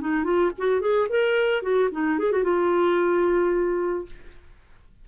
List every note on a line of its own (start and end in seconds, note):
0.00 0.24 D#4
0.24 0.51 F4
0.58 0.80 F#4
0.80 1.07 G#4
1.09 1.62 A#4
1.62 1.89 F#4
1.91 2.18 D#4
2.18 2.32 G#4
2.32 2.43 F#4
2.43 4.05 F4